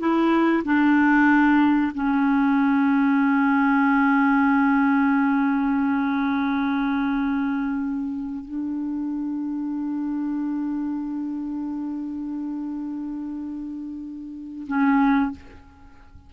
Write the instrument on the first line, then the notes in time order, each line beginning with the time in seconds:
clarinet
0.00 E4
0.65 D4
1.95 C#4
8.45 D4
14.68 C#4